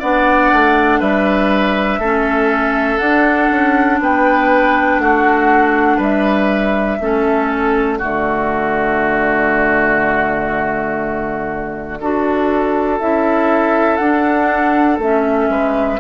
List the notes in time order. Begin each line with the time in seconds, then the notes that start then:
0.00 B3 D4 D5 F#5
0.53 A3
1.00 G3 B4 E5
1.99 A3 C#4 A4
2.99 D4 F#5
3.51 C#4
4.00 B3 B4 G5
4.99 A3 F#4 F#5
5.97 G3 B4 E5
7.00 A3 C#4 A4
7.50 D5
7.99 D3 A3 F#4
12.01 D4 F#4 A4
13.00 C#4 E4 E5
13.97 D4 F#5
14.99 A3 C#4 E5
15.49 G#3 B4